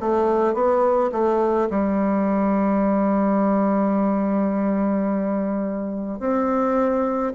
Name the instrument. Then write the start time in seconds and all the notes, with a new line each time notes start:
bassoon
0.00 A3
0.54 B3
1.12 A3
1.70 G3
6.20 C4